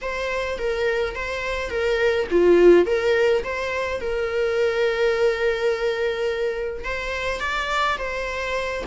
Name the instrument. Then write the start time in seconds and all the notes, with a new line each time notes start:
viola
0.01 C5
0.58 A#4
1.15 C5
1.70 A#4
2.30 F4
2.86 A#4
3.43 C5
4.00 A#4
6.84 C5
7.40 D5
7.98 C5